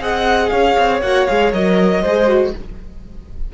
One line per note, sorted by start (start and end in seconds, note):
0.00 0.50 C4
0.00 1.01 G#4
0.00 0.52 D#5
0.00 0.49 F#5
0.49 0.77 C#4
0.49 2.01 C#5
0.49 1.00 F5
0.78 1.01 C4
1.01 1.26 A#3
1.01 1.28 F#4
1.01 1.27 F#5
1.27 1.52 G#3
1.27 1.52 G#4
1.27 1.52 F5
1.52 2.03 F#3
1.52 2.03 A#4
1.52 2.54 D#5
2.01 2.53 G#3
2.01 2.27 G#4
2.01 2.52 C5
2.27 2.52 F#4